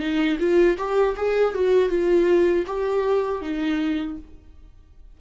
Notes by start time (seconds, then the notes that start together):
0.00 D#4
0.40 F4
0.78 G4
1.17 G#4
1.55 F#4
1.90 F4
2.67 G4
3.42 D#4